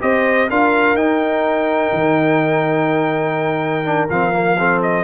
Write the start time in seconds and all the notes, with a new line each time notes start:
0.00 C4 G4 C5 D#5
0.50 D4 F4 A#4 F5
0.94 D#4 G5
1.93 D#3
3.84 D4
4.10 F3 C4 F5
4.33 A#3
4.58 C4 A4
4.82 D#5